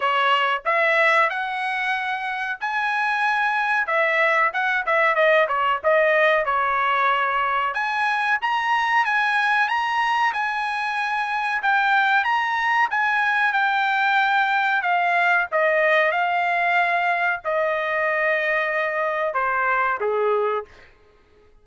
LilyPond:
\new Staff \with { instrumentName = "trumpet" } { \time 4/4 \tempo 4 = 93 cis''4 e''4 fis''2 | gis''2 e''4 fis''8 e''8 | dis''8 cis''8 dis''4 cis''2 | gis''4 ais''4 gis''4 ais''4 |
gis''2 g''4 ais''4 | gis''4 g''2 f''4 | dis''4 f''2 dis''4~ | dis''2 c''4 gis'4 | }